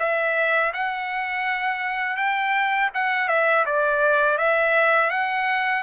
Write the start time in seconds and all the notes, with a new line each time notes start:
0.00 E5
0.74 F#5
2.17 G5
2.95 F#5
3.29 E5
3.66 D5
4.38 E5
5.11 F#5